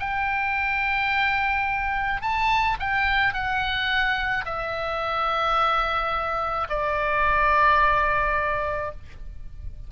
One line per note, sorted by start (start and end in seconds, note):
0.00 2.22 G5
2.22 2.78 A5
2.80 3.34 G5
3.34 4.45 F#5
4.46 6.68 E5
6.70 8.92 D5